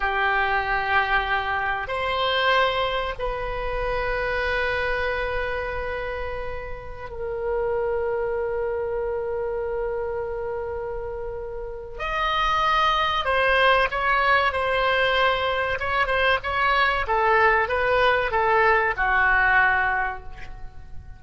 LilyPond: \new Staff \with { instrumentName = "oboe" } { \time 4/4 \tempo 4 = 95 g'2. c''4~ | c''4 b'2.~ | b'2.~ b'16 ais'8.~ | ais'1~ |
ais'2. dis''4~ | dis''4 c''4 cis''4 c''4~ | c''4 cis''8 c''8 cis''4 a'4 | b'4 a'4 fis'2 | }